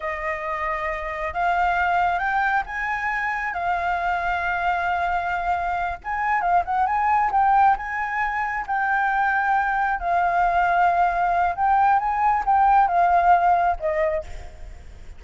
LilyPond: \new Staff \with { instrumentName = "flute" } { \time 4/4 \tempo 4 = 135 dis''2. f''4~ | f''4 g''4 gis''2 | f''1~ | f''4. gis''4 f''8 fis''8 gis''8~ |
gis''8 g''4 gis''2 g''8~ | g''2~ g''8 f''4.~ | f''2 g''4 gis''4 | g''4 f''2 dis''4 | }